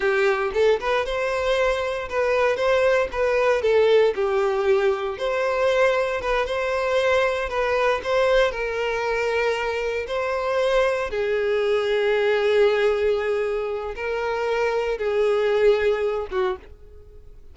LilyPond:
\new Staff \with { instrumentName = "violin" } { \time 4/4 \tempo 4 = 116 g'4 a'8 b'8 c''2 | b'4 c''4 b'4 a'4 | g'2 c''2 | b'8 c''2 b'4 c''8~ |
c''8 ais'2. c''8~ | c''4. gis'2~ gis'8~ | gis'2. ais'4~ | ais'4 gis'2~ gis'8 fis'8 | }